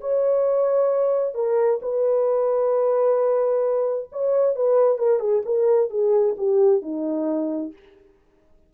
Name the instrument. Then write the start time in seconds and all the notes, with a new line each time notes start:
horn
0.00 C#5
1.34 A#4
1.82 B4
4.12 C#5
4.55 B4
4.98 A#4
5.19 G#4
5.45 A#4
5.90 G#4
6.37 G4
6.82 D#4